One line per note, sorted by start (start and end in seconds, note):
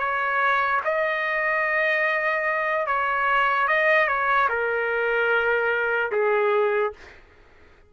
0.00 0.81 C#5
0.85 2.87 D#5
2.87 3.68 C#5
3.68 4.08 D#5
4.08 4.49 C#5
4.50 6.12 A#4
6.12 6.93 G#4